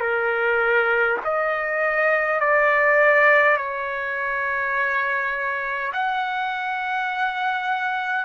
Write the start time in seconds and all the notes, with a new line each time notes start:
0.00 A#4
1.24 D#5
2.40 D5
3.57 C#5
5.93 F#5